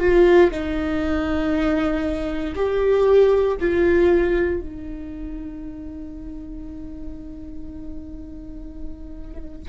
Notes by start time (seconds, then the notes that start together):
0.00 F4
0.51 D#4
2.56 G4
3.61 F4
4.61 D#4